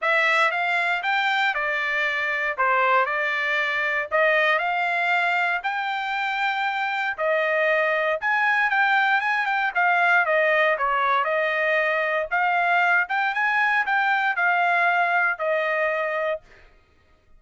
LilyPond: \new Staff \with { instrumentName = "trumpet" } { \time 4/4 \tempo 4 = 117 e''4 f''4 g''4 d''4~ | d''4 c''4 d''2 | dis''4 f''2 g''4~ | g''2 dis''2 |
gis''4 g''4 gis''8 g''8 f''4 | dis''4 cis''4 dis''2 | f''4. g''8 gis''4 g''4 | f''2 dis''2 | }